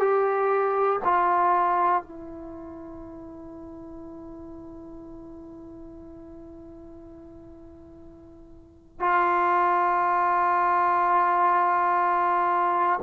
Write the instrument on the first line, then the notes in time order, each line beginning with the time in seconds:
trombone
0.00 G4
1.05 F4
2.02 E4
9.00 F4